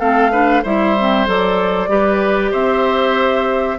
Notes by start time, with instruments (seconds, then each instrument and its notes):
0.00 bassoon A3, clarinet C4, oboe A4, flute F5
0.32 clarinet D4, oboe B4
0.63 bassoon G3, clarinet E4, oboe C5, flute E5
0.99 clarinet C4
1.27 bassoon F#3, clarinet A4, flute D5
1.88 bassoon G3, clarinet G4, oboe B4
2.52 bassoon C4, oboe C5, flute E5